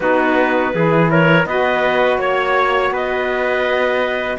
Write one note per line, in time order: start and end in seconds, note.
0.00 0.73 B3
0.00 0.74 D#4
0.00 0.74 F#4
0.00 1.09 B4
0.73 1.45 E3
0.73 1.47 E4
0.73 1.10 G#4
1.10 1.47 A#4
1.10 1.46 C#5
1.45 2.17 B3
1.45 4.38 F#4
1.45 2.20 B4
1.45 2.19 D#5
2.17 2.90 A#3
2.17 2.92 C#5
2.17 2.93 C#5
2.90 4.37 B3
2.90 4.38 B4
2.90 4.38 D#5